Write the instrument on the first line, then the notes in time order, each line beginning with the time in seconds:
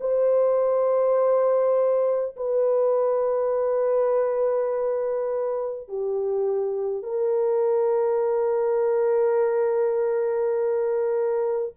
horn
0.00 C5
2.36 B4
5.88 G4
7.02 A#4